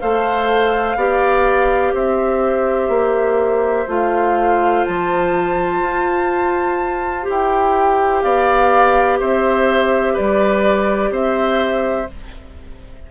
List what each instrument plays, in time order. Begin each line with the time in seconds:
0.00 bassoon A3, clarinet A4, oboe C5, flute F5
0.96 bassoon B3, clarinet G4, oboe D5
1.93 bassoon C4, oboe C5, flute E5
2.88 bassoon A#3
3.87 bassoon A3, clarinet F4, flute F5
4.84 bassoon F3, flute A5
5.81 bassoon F4
7.22 clarinet G4
7.29 bassoon E4, flute G5
8.21 bassoon B3, oboe D5, flute F5
9.19 bassoon C4, oboe C5, flute E5
10.13 bassoon G3, oboe B4, flute D5
11.10 bassoon C4, oboe C5, flute E5